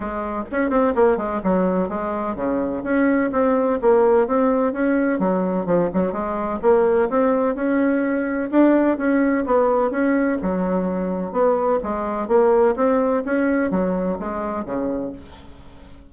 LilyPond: \new Staff \with { instrumentName = "bassoon" } { \time 4/4 \tempo 4 = 127 gis4 cis'8 c'8 ais8 gis8 fis4 | gis4 cis4 cis'4 c'4 | ais4 c'4 cis'4 fis4 | f8 fis8 gis4 ais4 c'4 |
cis'2 d'4 cis'4 | b4 cis'4 fis2 | b4 gis4 ais4 c'4 | cis'4 fis4 gis4 cis4 | }